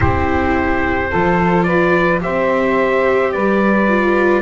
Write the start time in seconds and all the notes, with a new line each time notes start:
0.00 C4 E4 G4 C5
1.10 F3 F4 A4
1.63 B4 D5
2.20 C4 G4 C5 E5
3.31 G3 B4 D5
3.87 F4